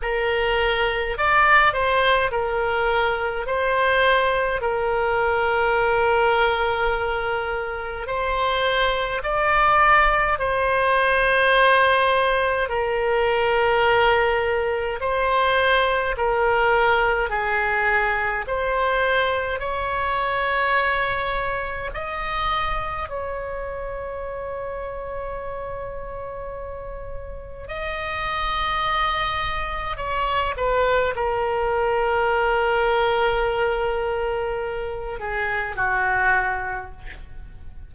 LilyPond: \new Staff \with { instrumentName = "oboe" } { \time 4/4 \tempo 4 = 52 ais'4 d''8 c''8 ais'4 c''4 | ais'2. c''4 | d''4 c''2 ais'4~ | ais'4 c''4 ais'4 gis'4 |
c''4 cis''2 dis''4 | cis''1 | dis''2 cis''8 b'8 ais'4~ | ais'2~ ais'8 gis'8 fis'4 | }